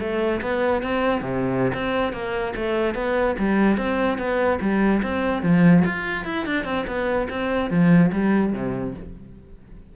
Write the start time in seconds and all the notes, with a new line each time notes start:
0.00 A3
0.42 B3
0.83 C4
1.21 C3
1.74 C4
2.13 A#3
2.56 A3
2.95 B3
3.38 G3
3.77 C4
4.18 B3
4.61 G3
5.03 C4
5.43 F3
5.85 F4
6.25 E4
6.46 D4
6.65 C4
6.87 B3
7.30 C4
7.70 F3
8.12 G3
8.53 C3